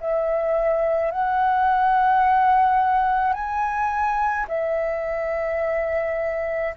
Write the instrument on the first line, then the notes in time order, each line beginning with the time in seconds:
flute
0.00 E5
1.11 F#5
3.33 G#5
4.48 E5